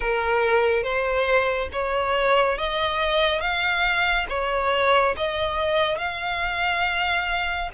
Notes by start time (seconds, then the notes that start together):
0.00 A#4
0.83 C5
1.72 C#5
2.58 D#5
3.41 F5
4.29 C#5
5.17 D#5
5.98 F5